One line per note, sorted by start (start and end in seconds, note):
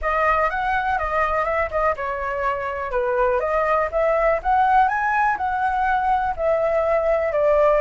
0.01 0.50 D#5
0.50 0.98 F#5
0.98 1.45 D#5
1.45 1.69 E5
1.70 1.95 D#5
1.96 2.91 C#5
2.91 3.39 B4
3.39 3.88 D#5
3.91 4.40 E5
4.42 4.88 F#5
4.88 5.37 G#5
5.37 6.34 F#5
6.36 7.32 E5
7.32 7.81 D5